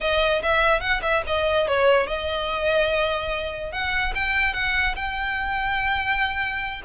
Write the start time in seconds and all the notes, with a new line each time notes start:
0.00 D#5
0.42 E5
0.80 F#5
1.02 E5
1.26 D#5
1.67 C#5
2.06 D#5
3.71 F#5
4.15 G5
4.53 F#5
4.95 G5